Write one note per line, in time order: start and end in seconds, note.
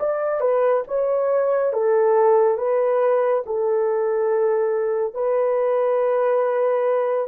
0.00 0.41 D5
0.41 0.84 B4
0.88 1.73 C#5
1.73 2.58 A4
2.58 3.44 B4
3.46 5.14 A4
5.14 7.28 B4